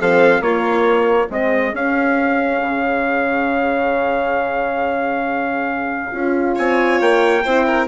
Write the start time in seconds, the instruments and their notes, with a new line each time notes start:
0.00 bassoon F3, horn C4, violin A4, trumpet F5
0.41 bassoon A#3, horn A#3, violin F4, trumpet C#5
1.29 bassoon G#3, horn C4, violin G#4, trumpet D#5
1.74 bassoon C#4, horn C#4, trumpet F5
2.62 bassoon C#3
6.12 bassoon C#4, horn F4
6.56 bassoon C4, violin C#5, trumpet G#5
7.01 bassoon A#3, trumpet G5
7.44 bassoon C4, horn E4, violin C5
7.67 violin A#4